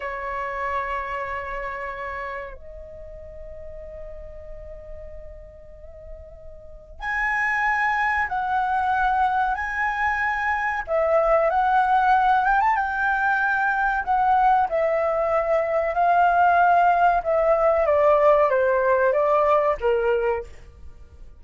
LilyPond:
\new Staff \with { instrumentName = "flute" } { \time 4/4 \tempo 4 = 94 cis''1 | dis''1~ | dis''2. gis''4~ | gis''4 fis''2 gis''4~ |
gis''4 e''4 fis''4. g''16 a''16 | g''2 fis''4 e''4~ | e''4 f''2 e''4 | d''4 c''4 d''4 ais'4 | }